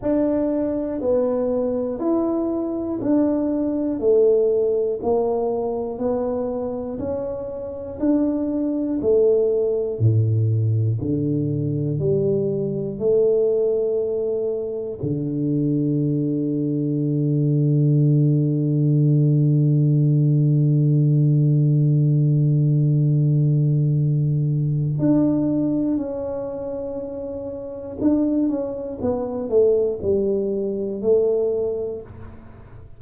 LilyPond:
\new Staff \with { instrumentName = "tuba" } { \time 4/4 \tempo 4 = 60 d'4 b4 e'4 d'4 | a4 ais4 b4 cis'4 | d'4 a4 a,4 d4 | g4 a2 d4~ |
d1~ | d1~ | d4 d'4 cis'2 | d'8 cis'8 b8 a8 g4 a4 | }